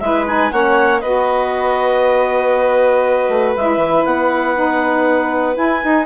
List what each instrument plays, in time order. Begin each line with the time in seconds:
0.00 bassoon G#3, saxophone E4, violin B4, clarinet E5
0.26 saxophone D#4, clarinet G#5
0.51 bassoon A#3, saxophone C#4, violin C#5, clarinet F#5
1.00 bassoon B3, saxophone F#4, violin B4, clarinet D#5
3.29 bassoon A3
3.56 bassoon G#3, saxophone E4, clarinet E5
3.77 bassoon E3
4.05 bassoon B3, clarinet F#5
4.55 saxophone D#4
5.54 saxophone E4, bassoon E4, clarinet G#5
5.82 saxophone D#4, bassoon D#4